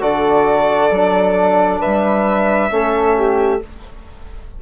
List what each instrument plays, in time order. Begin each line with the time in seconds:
0.00 bassoon D3, trombone F#4, flute A4, violin D5
0.91 bassoon F#3, trombone D4
1.79 bassoon G3, flute B4, violin E5
2.71 bassoon A3, trombone C#4, flute A4
3.17 flute G4